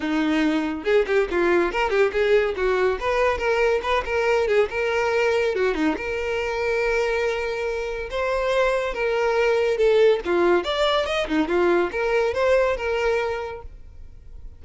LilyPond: \new Staff \with { instrumentName = "violin" } { \time 4/4 \tempo 4 = 141 dis'2 gis'8 g'8 f'4 | ais'8 g'8 gis'4 fis'4 b'4 | ais'4 b'8 ais'4 gis'8 ais'4~ | ais'4 fis'8 dis'8 ais'2~ |
ais'2. c''4~ | c''4 ais'2 a'4 | f'4 d''4 dis''8 dis'8 f'4 | ais'4 c''4 ais'2 | }